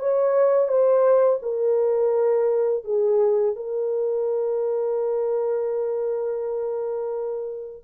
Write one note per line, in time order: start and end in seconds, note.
0.00 0.69 C#5
0.69 1.40 C5
1.43 2.85 A#4
2.85 3.56 G#4
3.56 7.84 A#4